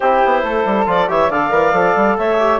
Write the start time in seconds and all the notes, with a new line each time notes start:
0.00 C4 E4 G4 C5
0.25 B3
0.42 A3 A4
0.65 G3
0.86 F3 F4 D5
1.07 E3 G4 C#5 E5
1.29 D3 A4 D5 F5
1.50 E3 A#4
1.72 F3 A4
1.95 G3
2.18 A3 C#5 E5
2.39 G4